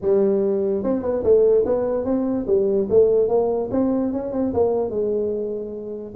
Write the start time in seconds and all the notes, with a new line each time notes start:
0.01 G3
0.83 C4
1.02 B3
1.23 A3
1.65 B3
2.05 C4
2.47 G3
2.89 A3
3.28 A#3
3.71 C4
4.12 C#4
4.32 C4
4.53 A#3
4.89 G#3